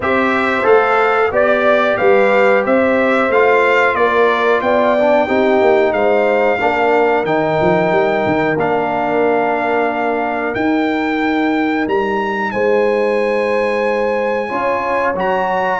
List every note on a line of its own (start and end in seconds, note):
0.00 0.65 C4
0.00 0.63 G4
0.00 1.29 C5
0.00 0.66 E5
0.63 1.31 A3
0.63 1.29 A4
0.63 1.32 F5
1.31 1.97 B3
1.31 3.29 G4
1.31 1.98 D5
1.31 1.97 D5
1.97 2.66 G3
1.97 2.64 B4
1.97 2.63 F5
2.64 3.29 C4
2.64 3.96 C5
2.64 3.31 E5
3.29 3.94 A3
3.29 4.98 F4
3.29 3.95 F5
3.94 4.60 A#3
3.94 4.62 A#4
3.94 4.61 D5
4.61 5.27 B3
4.61 5.26 D5
4.61 5.92 G5
4.98 5.27 D4
5.26 5.61 C4
5.26 6.59 D#4
5.26 5.92 G4
5.61 5.92 A#3
5.92 6.58 G#3
5.92 6.59 C5
5.92 7.24 F5
6.60 7.24 A#3
6.60 7.25 D4
6.60 12.52 A#4
7.24 7.57 D#3
7.24 8.57 D#4
7.24 8.57 G5
7.60 7.91 F3
7.91 8.24 G3
8.25 8.56 D#3
8.56 10.53 A#3
8.56 10.55 D4
8.56 10.54 F5
10.54 14.48 D#4
10.54 11.87 D#4
10.54 11.86 G5
11.87 12.53 G3
11.87 12.51 A#5
12.51 14.51 G#3
12.51 14.48 C5
12.51 15.14 G#5
14.48 15.14 C#4
14.48 15.14 F4
14.48 15.80 C#5
15.14 15.80 F#3
15.14 15.80 F#4
15.14 15.80 A#5